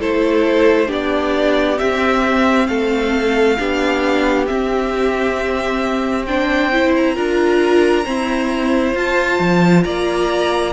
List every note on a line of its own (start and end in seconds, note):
0.00 0.89 A3
0.00 0.87 E4
0.00 0.87 A4
0.00 0.91 C5
0.87 1.79 B3
0.87 1.77 D4
0.87 2.66 G4
0.87 1.79 D5
1.79 3.58 C4
1.79 2.68 C4
1.79 2.67 E5
2.67 3.58 A3
2.67 3.59 A4
2.67 4.46 F5
3.59 4.50 B3
3.59 4.47 D4
3.59 6.28 G4
4.47 6.26 C4
4.47 7.17 C4
4.47 6.26 E5
6.26 6.73 D4
6.26 7.16 C5
6.26 6.94 G5
6.73 7.16 E4
6.97 8.98 A#5
7.16 8.06 D4
7.16 8.04 F4
7.16 8.05 A#4
8.04 8.94 C4
8.04 8.95 E4
8.04 9.85 C5
8.95 9.40 F4
8.95 10.73 F4
8.95 9.84 A5
9.40 9.85 F3
9.84 10.73 A#3
9.84 10.73 D5
9.84 10.73 A#5